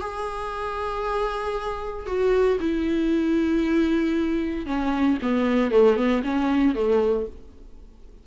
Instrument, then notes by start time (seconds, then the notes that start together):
viola
0.00 G#4
2.06 F#4
2.60 E4
4.66 C#4
5.22 B3
5.71 A3
5.96 B3
6.24 C#4
6.75 A3